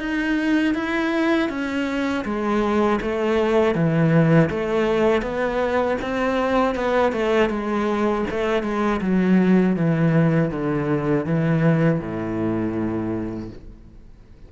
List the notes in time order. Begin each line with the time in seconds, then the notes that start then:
0.00 D#4
0.75 E4
1.50 C#4
2.25 G#3
3.01 A3
3.75 E3
4.50 A3
5.22 B3
6.02 C4
6.76 B3
7.13 A3
7.50 G#3
8.30 A3
8.63 G#3
9.01 F#3
9.76 E3
10.51 D3
11.26 E3
12.00 A2